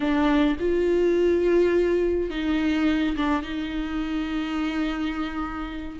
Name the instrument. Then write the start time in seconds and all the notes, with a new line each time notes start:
viola
0.00 D4
0.59 F4
2.30 D#4
3.16 D4
3.42 D#4